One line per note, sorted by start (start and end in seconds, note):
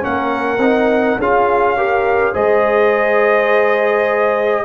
0.00 0.58 A#3
0.00 0.58 C#4
0.00 1.19 A#4
0.00 1.19 F#5
0.58 1.15 C4
0.58 1.19 D#4
1.18 2.33 C#4
1.18 1.77 F4
1.18 1.76 G#4
1.18 2.35 F5
1.77 2.34 G4
1.77 2.33 A#4
2.33 4.64 G#3
2.33 4.64 G#4
2.33 4.64 C5
2.33 4.64 D#5